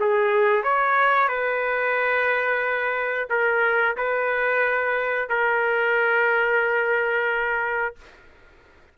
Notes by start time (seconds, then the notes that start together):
0.00 G#4
0.63 C#5
1.28 B4
3.30 A#4
3.97 B4
5.29 A#4